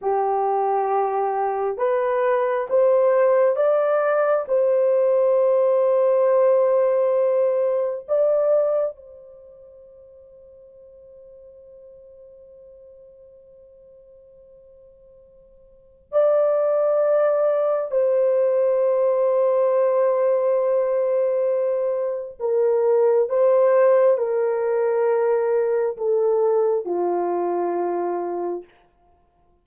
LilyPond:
\new Staff \with { instrumentName = "horn" } { \time 4/4 \tempo 4 = 67 g'2 b'4 c''4 | d''4 c''2.~ | c''4 d''4 c''2~ | c''1~ |
c''2 d''2 | c''1~ | c''4 ais'4 c''4 ais'4~ | ais'4 a'4 f'2 | }